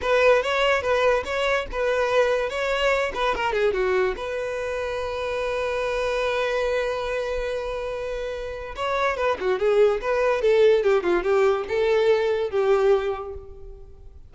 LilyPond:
\new Staff \with { instrumentName = "violin" } { \time 4/4 \tempo 4 = 144 b'4 cis''4 b'4 cis''4 | b'2 cis''4. b'8 | ais'8 gis'8 fis'4 b'2~ | b'1~ |
b'1~ | b'4 cis''4 b'8 fis'8 gis'4 | b'4 a'4 g'8 f'8 g'4 | a'2 g'2 | }